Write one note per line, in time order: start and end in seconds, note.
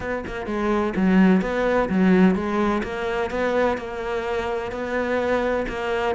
0.00 0.24 B3
0.26 0.46 A#3
0.46 0.93 G#3
0.96 1.41 F#3
1.41 1.88 B3
1.89 2.35 F#3
2.35 2.82 G#3
2.83 3.30 A#3
3.30 3.77 B3
3.77 4.71 A#3
4.71 5.66 B3
5.68 6.15 A#3